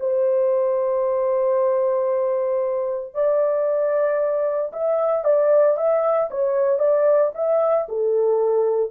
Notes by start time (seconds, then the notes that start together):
0.00 C5
3.14 D5
4.73 E5
5.24 D5
5.77 E5
6.31 C#5
6.79 D5
7.35 E5
7.89 A4